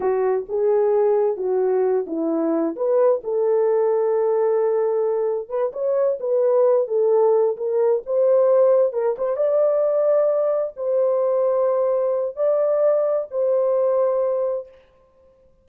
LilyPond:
\new Staff \with { instrumentName = "horn" } { \time 4/4 \tempo 4 = 131 fis'4 gis'2 fis'4~ | fis'8 e'4. b'4 a'4~ | a'1 | b'8 cis''4 b'4. a'4~ |
a'8 ais'4 c''2 ais'8 | c''8 d''2. c''8~ | c''2. d''4~ | d''4 c''2. | }